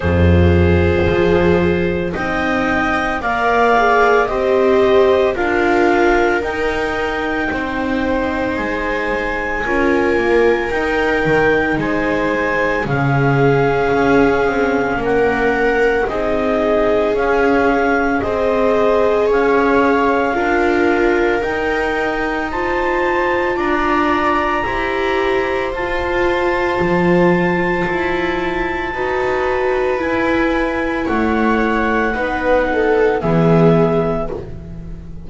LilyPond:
<<
  \new Staff \with { instrumentName = "clarinet" } { \time 4/4 \tempo 4 = 56 c''2 g''4 f''4 | dis''4 f''4 g''2 | gis''2 g''4 gis''4 | f''2 fis''4 dis''4 |
f''4 dis''4 f''2 | g''4 a''4 ais''2 | a''1 | gis''4 fis''2 e''4 | }
  \new Staff \with { instrumentName = "viola" } { \time 4/4 gis'2 dis''4 d''4 | c''4 ais'2 c''4~ | c''4 ais'2 c''4 | gis'2 ais'4 gis'4~ |
gis'4 c''4 cis''4 ais'4~ | ais'4 c''4 d''4 c''4~ | c''2. b'4~ | b'4 cis''4 b'8 a'8 gis'4 | }
  \new Staff \with { instrumentName = "viola" } { \time 4/4 f'2 dis'4 ais'8 gis'8 | g'4 f'4 dis'2~ | dis'4 f'4 dis'2 | cis'2. dis'4 |
cis'4 gis'2 f'4 | dis'4 f'2 g'4 | f'2. fis'4 | e'2 dis'4 b4 | }
  \new Staff \with { instrumentName = "double bass" } { \time 4/4 f,4 f4 c'4 ais4 | c'4 d'4 dis'4 c'4 | gis4 cis'8 ais8 dis'8 dis8 gis4 | cis4 cis'8 c'8 ais4 c'4 |
cis'4 c'4 cis'4 d'4 | dis'2 d'4 e'4 | f'4 f4 e'4 dis'4 | e'4 a4 b4 e4 | }
>>